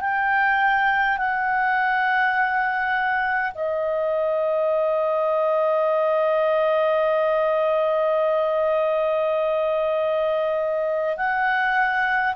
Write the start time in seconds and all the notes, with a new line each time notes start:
0.00 G5
1.17 F#5
3.54 D#5
11.17 F#5